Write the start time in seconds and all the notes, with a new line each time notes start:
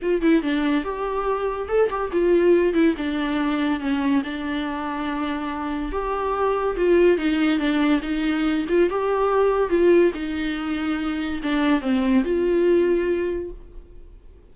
0.02 F4
0.21 E4
0.42 D4
0.84 G4
1.68 A4
1.89 G4
2.11 F4
2.73 E4
2.97 D4
3.80 C#4
4.24 D4
5.92 G4
6.76 F4
7.17 D#4
7.58 D4
8.02 D#4
8.69 F4
8.89 G4
9.69 F4
10.14 D#4
11.42 D4
11.81 C4
12.24 F4